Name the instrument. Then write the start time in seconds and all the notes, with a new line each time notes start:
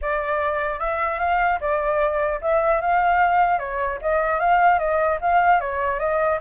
flute
0.01 D5
0.79 E5
1.19 F5
1.60 D5
2.41 E5
2.81 F5
3.59 C#5
4.01 D#5
4.39 F5
4.78 D#5
5.21 F5
5.60 C#5
5.99 D#5